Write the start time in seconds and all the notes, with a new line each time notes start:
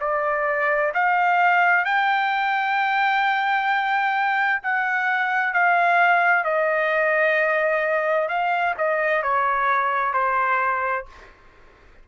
0.00 D5
0.94 F5
1.85 G5
4.63 F#5
5.53 F5
6.44 D#5
8.28 F5
8.77 D#5
9.22 C#5
10.13 C5